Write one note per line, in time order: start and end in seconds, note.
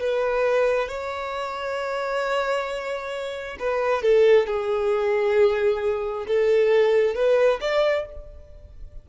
0.00 0.89 B4
0.89 3.57 C#5
3.59 4.03 B4
4.03 4.47 A4
4.47 6.26 G#4
6.28 7.15 A4
7.15 7.60 B4
7.61 8.06 D5